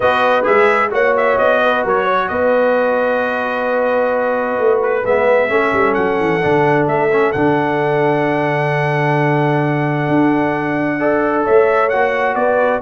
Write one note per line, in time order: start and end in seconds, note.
0.00 0.45 B3
0.00 0.43 F#4
0.00 0.91 B4
0.00 0.45 D#5
0.43 0.92 G#3
0.43 0.89 G#4
0.43 0.92 E5
0.90 1.38 A#3
0.90 5.02 F#4
0.90 1.61 C#5
0.90 1.16 F#5
1.16 1.38 E5
1.38 1.84 B3
1.38 1.84 D#5
1.62 1.85 B4
1.84 2.29 F#3
1.84 2.04 A#4
1.84 2.28 C#5
2.04 2.27 C#5
2.28 4.58 B3
2.28 5.51 B4
2.28 4.80 D#5
4.58 5.04 A3
4.82 5.05 B4
5.04 5.49 G#3
5.04 5.48 B3
5.04 5.94 E5
5.48 5.72 A3
5.48 6.40 C#4
5.48 10.98 A4
5.72 5.95 G3
5.94 6.19 F#3
5.94 6.85 F#5
6.19 6.42 E3
6.41 6.86 D3
6.41 7.09 D4
6.86 7.32 A3
6.86 7.32 E5
7.11 7.34 C#4
7.32 10.08 D3
7.32 10.99 D4
7.32 11.44 F#5
10.08 11.45 D4
10.98 11.91 A4
10.98 11.44 D5
11.44 11.93 A3
11.44 12.36 C#5
11.44 11.89 E5
11.89 12.35 A#3
11.89 12.81 F#4
11.89 12.35 F#5
12.35 12.80 B3
12.35 12.81 B4
12.35 12.81 D5